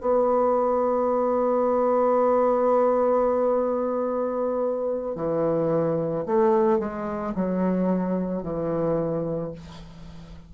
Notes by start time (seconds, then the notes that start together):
0.00 B3
5.15 E3
6.26 A3
6.79 G#3
7.35 F#3
8.42 E3